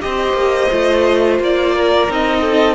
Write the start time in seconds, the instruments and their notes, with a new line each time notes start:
0.00 cello C4, viola G4, violin C5 D#5
0.33 cello A#3
0.71 cello A3, viola F4
1.39 cello A#3, violin D5
1.75 violin A#4
2.08 cello C4, viola D#4, violin D#5
2.41 violin A4